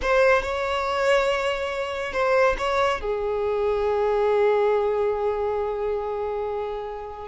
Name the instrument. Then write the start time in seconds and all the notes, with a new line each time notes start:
violin
0.02 C5
0.42 C#5
2.13 C5
2.58 C#5
3.00 G#4